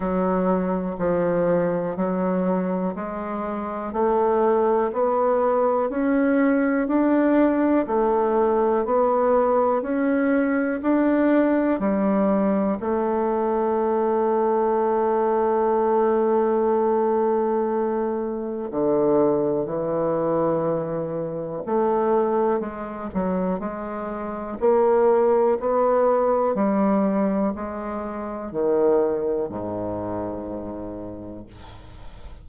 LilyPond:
\new Staff \with { instrumentName = "bassoon" } { \time 4/4 \tempo 4 = 61 fis4 f4 fis4 gis4 | a4 b4 cis'4 d'4 | a4 b4 cis'4 d'4 | g4 a2.~ |
a2. d4 | e2 a4 gis8 fis8 | gis4 ais4 b4 g4 | gis4 dis4 gis,2 | }